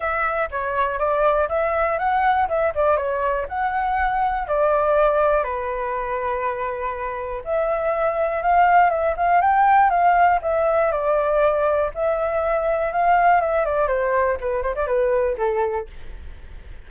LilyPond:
\new Staff \with { instrumentName = "flute" } { \time 4/4 \tempo 4 = 121 e''4 cis''4 d''4 e''4 | fis''4 e''8 d''8 cis''4 fis''4~ | fis''4 d''2 b'4~ | b'2. e''4~ |
e''4 f''4 e''8 f''8 g''4 | f''4 e''4 d''2 | e''2 f''4 e''8 d''8 | c''4 b'8 c''16 d''16 b'4 a'4 | }